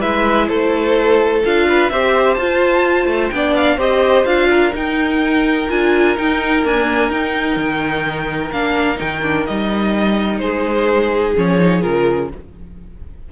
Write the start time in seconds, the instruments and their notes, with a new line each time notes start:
0.00 cello G#3, viola E4, violin B4 E5
0.48 cello A3, violin A4 C5
1.44 cello D4, viola F4, violin F5
1.69 violin B4
1.90 cello C4, viola G4, violin C5 E5
2.35 cello F4, viola F4, violin A5
3.06 cello A3
3.30 cello B3, viola D4, violin D5 G5
3.56 violin F5
3.78 cello C4, viola G4, violin C5 D#5
4.26 cello D4, viola F4, violin F5
4.50 violin A#4
4.74 viola D#4, cello D#4, violin G5
5.70 cello D4, viola F4, violin G#5
6.17 viola D#4, cello D#4, violin G5
6.65 viola A#3, cello D4, violin G#5
7.10 cello D#4, viola D#4, violin G5
7.57 cello D#3
8.52 cello A#3, viola D4, violin F5
8.97 cello D#3, viola D#4, violin G5
9.23 viola D4
9.47 cello G3, viola D#4, violin D#5
10.39 cello G#3, violin G#4 C5
11.37 cello F3, viola C#4, violin C#5
11.59 viola D#4
11.82 cello C#3, viola F4, violin A#4